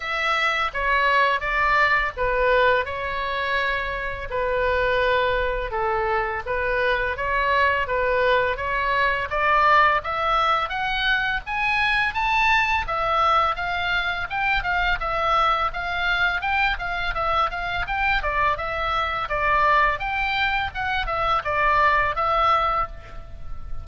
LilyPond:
\new Staff \with { instrumentName = "oboe" } { \time 4/4 \tempo 4 = 84 e''4 cis''4 d''4 b'4 | cis''2 b'2 | a'4 b'4 cis''4 b'4 | cis''4 d''4 e''4 fis''4 |
gis''4 a''4 e''4 f''4 | g''8 f''8 e''4 f''4 g''8 f''8 | e''8 f''8 g''8 d''8 e''4 d''4 | g''4 fis''8 e''8 d''4 e''4 | }